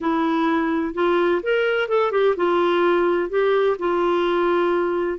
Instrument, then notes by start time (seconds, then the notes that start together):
clarinet
0.01 E4
0.94 F4
1.43 A#4
1.88 A4
2.11 G4
2.36 F4
3.29 G4
3.78 F4